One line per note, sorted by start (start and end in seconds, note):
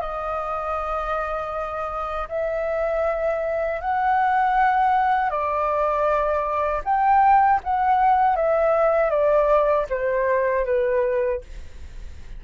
0.00 2.28 D#5
2.29 3.80 E5
3.80 5.30 F#5
5.30 6.81 D5
6.84 7.60 G5
7.64 8.36 F#5
8.36 9.10 E5
9.10 9.86 D5
9.89 10.65 C5
10.65 11.41 B4